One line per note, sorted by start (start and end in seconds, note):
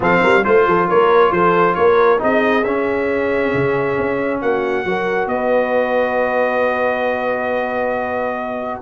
0.00 0.21 F3
0.00 0.43 C4
0.00 0.21 A4
0.00 0.44 F5
0.21 0.46 G3
0.21 0.43 A#4
0.43 0.67 A3
0.43 2.18 F4
0.43 0.88 C5
0.43 0.67 C5
0.67 0.89 F3
0.67 0.88 A4
0.88 1.31 A#3
0.88 1.32 A#4
0.88 1.32 C#5
1.31 1.75 F3
1.31 1.76 A4
1.31 1.75 C5
1.75 2.21 A#3
1.75 2.21 A#4
1.75 2.19 C#5
2.18 2.64 C4
2.18 2.62 D#4
2.18 4.41 G#4
2.18 2.64 D#5
2.64 3.52 C#4
2.64 4.85 C#4
2.64 4.40 E5
3.53 3.97 C#3
3.98 4.42 C#4
4.41 4.84 A#3
4.41 4.86 F#4
4.41 5.28 F#5
4.84 5.26 F#3
4.84 8.81 F#4
4.84 5.31 A#4
5.26 8.79 B3
5.26 8.81 B4
5.26 8.81 D#5